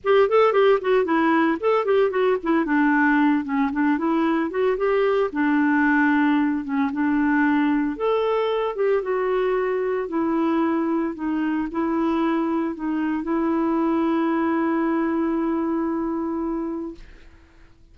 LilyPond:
\new Staff \with { instrumentName = "clarinet" } { \time 4/4 \tempo 4 = 113 g'8 a'8 g'8 fis'8 e'4 a'8 g'8 | fis'8 e'8 d'4. cis'8 d'8 e'8~ | e'8 fis'8 g'4 d'2~ | d'8 cis'8 d'2 a'4~ |
a'8 g'8 fis'2 e'4~ | e'4 dis'4 e'2 | dis'4 e'2.~ | e'1 | }